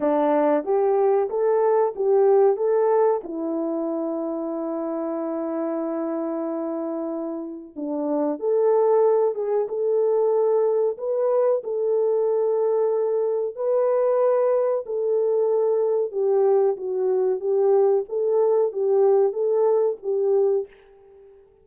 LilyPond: \new Staff \with { instrumentName = "horn" } { \time 4/4 \tempo 4 = 93 d'4 g'4 a'4 g'4 | a'4 e'2.~ | e'1 | d'4 a'4. gis'8 a'4~ |
a'4 b'4 a'2~ | a'4 b'2 a'4~ | a'4 g'4 fis'4 g'4 | a'4 g'4 a'4 g'4 | }